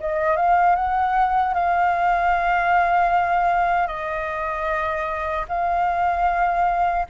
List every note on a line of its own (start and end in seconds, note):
0.00 0.36 D#5
0.36 0.76 F5
0.76 1.54 F#5
1.54 3.87 F5
3.87 5.45 D#5
5.48 7.06 F5